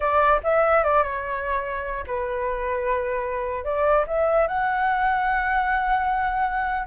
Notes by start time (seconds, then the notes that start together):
0.00 D5
0.43 E5
0.83 D5
1.03 C#5
2.06 B4
3.64 D5
4.07 E5
4.47 F#5